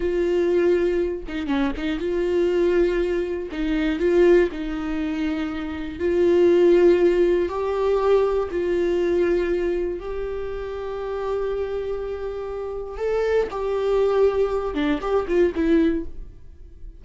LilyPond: \new Staff \with { instrumentName = "viola" } { \time 4/4 \tempo 4 = 120 f'2~ f'8 dis'8 cis'8 dis'8 | f'2. dis'4 | f'4 dis'2. | f'2. g'4~ |
g'4 f'2. | g'1~ | g'2 a'4 g'4~ | g'4. d'8 g'8 f'8 e'4 | }